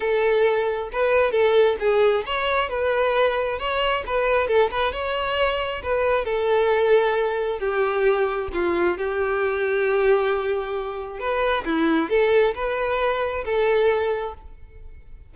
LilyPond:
\new Staff \with { instrumentName = "violin" } { \time 4/4 \tempo 4 = 134 a'2 b'4 a'4 | gis'4 cis''4 b'2 | cis''4 b'4 a'8 b'8 cis''4~ | cis''4 b'4 a'2~ |
a'4 g'2 f'4 | g'1~ | g'4 b'4 e'4 a'4 | b'2 a'2 | }